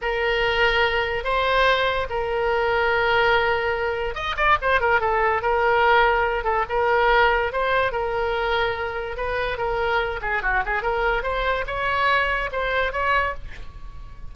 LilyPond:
\new Staff \with { instrumentName = "oboe" } { \time 4/4 \tempo 4 = 144 ais'2. c''4~ | c''4 ais'2.~ | ais'2 dis''8 d''8 c''8 ais'8 | a'4 ais'2~ ais'8 a'8 |
ais'2 c''4 ais'4~ | ais'2 b'4 ais'4~ | ais'8 gis'8 fis'8 gis'8 ais'4 c''4 | cis''2 c''4 cis''4 | }